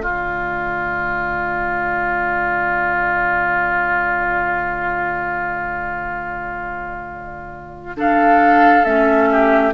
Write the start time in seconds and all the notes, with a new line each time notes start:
0.00 D3 A3 F4 D5
7.96 D4 A4 F5
8.85 A3 C#4 E5
9.31 G4